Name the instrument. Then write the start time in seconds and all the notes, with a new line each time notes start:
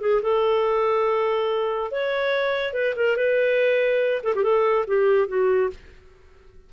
clarinet
0.00 G#4
0.22 A4
1.91 C#5
2.73 B4
2.96 A#4
3.16 B4
4.23 A4
4.35 G4
4.43 A4
4.87 G4
5.28 F#4